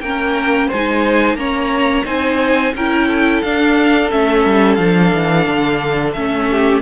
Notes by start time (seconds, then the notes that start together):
0.00 A#3 C#4 A#4 G5
0.67 G#3 C5 G#5
0.74 D#4
1.34 A#3 C#4 C#5 A#5
2.04 C4 D#4 C5 G#5
2.74 C#4 E4 A#4 G5
3.08 A4
3.42 D4 F5
4.11 A3 C#4 E5
4.45 G3
4.75 F3 D4 F5
5.13 E3
5.47 D3
6.13 A3 C#4 E5
6.50 G4